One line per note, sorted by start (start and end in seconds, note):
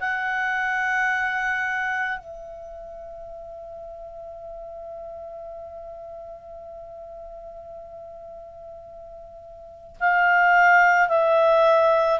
0.00 2.19 F#5
2.19 9.96 E5
10.00 11.09 F5
11.09 12.20 E5